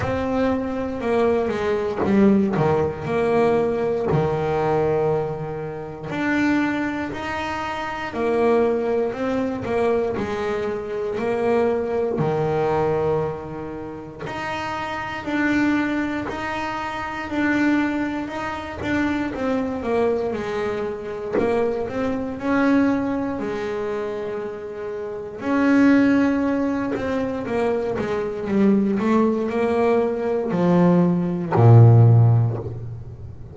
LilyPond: \new Staff \with { instrumentName = "double bass" } { \time 4/4 \tempo 4 = 59 c'4 ais8 gis8 g8 dis8 ais4 | dis2 d'4 dis'4 | ais4 c'8 ais8 gis4 ais4 | dis2 dis'4 d'4 |
dis'4 d'4 dis'8 d'8 c'8 ais8 | gis4 ais8 c'8 cis'4 gis4~ | gis4 cis'4. c'8 ais8 gis8 | g8 a8 ais4 f4 ais,4 | }